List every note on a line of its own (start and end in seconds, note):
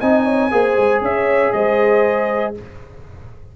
0.00 0.51 C4
0.00 0.51 D#4
0.00 0.25 D#5
0.00 1.02 G#5
0.25 0.50 C#5
0.51 0.77 A#3
0.51 2.55 G#4
0.51 1.03 C5
0.77 1.01 G#3
1.01 1.52 C#4
1.01 1.54 C#5
1.01 1.52 E5
1.52 2.56 G#3
1.52 2.56 C5
1.52 2.54 D#5